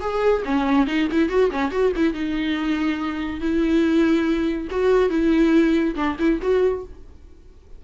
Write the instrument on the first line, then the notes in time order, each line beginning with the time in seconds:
viola
0.00 G#4
0.44 C#4
0.87 D#4
1.11 E4
1.29 F#4
1.51 C#4
1.71 F#4
1.96 E4
2.13 D#4
3.40 E4
4.70 F#4
5.09 E4
5.95 D4
6.18 E4
6.41 F#4